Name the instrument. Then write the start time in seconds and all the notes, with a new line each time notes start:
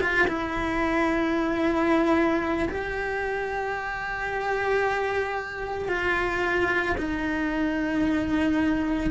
cello
0.00 F4
0.28 E4
2.69 G4
5.89 F4
6.98 D#4